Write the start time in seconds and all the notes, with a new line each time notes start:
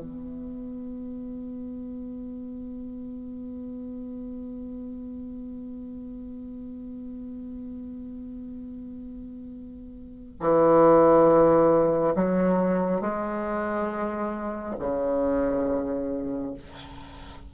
0.00 B3
10.40 E3
12.15 F#3
13.01 G#3
14.79 C#3